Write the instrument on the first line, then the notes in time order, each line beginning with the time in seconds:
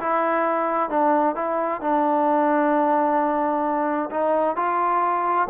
trombone
0.00 E4
0.90 D4
1.36 E4
1.81 D4
4.11 D#4
4.56 F4